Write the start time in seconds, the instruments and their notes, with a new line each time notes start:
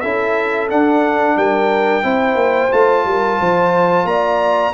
0.00 tuba C#4, trombone E4, horn A4, trumpet E5
0.70 trombone D4, tuba D4, trumpet F#5
1.36 tuba G3, horn A#4, trumpet G5
2.02 tuba C4, trombone E4, horn C5
2.34 tuba A#3
2.71 tuba A3, trombone F4, trumpet A5
3.04 tuba G3, horn A#4
3.39 tuba F3, horn C5
4.04 tuba A#3, horn D5, trumpet A#5